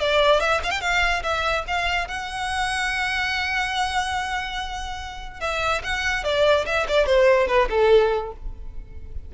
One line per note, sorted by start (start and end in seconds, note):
0.00 0.41 D5
0.41 0.61 E5
0.63 0.71 F5
0.71 0.81 G5
0.81 1.23 F5
1.23 1.65 E5
1.68 2.08 F5
2.08 5.40 F#5
5.40 5.82 E5
5.84 6.24 F#5
6.24 6.66 D5
6.66 6.87 E5
6.88 7.06 D5
7.06 7.48 C5
7.48 7.69 B4
7.70 8.32 A4